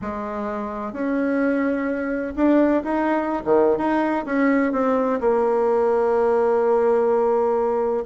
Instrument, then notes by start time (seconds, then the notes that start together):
bassoon
0.01 G#3
0.92 C#4
2.35 D4
2.83 D#4
3.45 D#3
3.77 D#4
4.25 C#4
4.72 C4
5.20 A#3